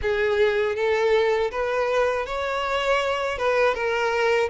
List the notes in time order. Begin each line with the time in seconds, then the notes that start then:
0.02 G#4
0.75 A4
1.51 B4
2.26 C#5
3.38 B4
3.74 A#4